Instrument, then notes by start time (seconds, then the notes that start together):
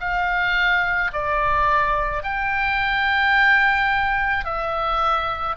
oboe
0.00 F5
1.13 D5
2.23 G5
4.44 E5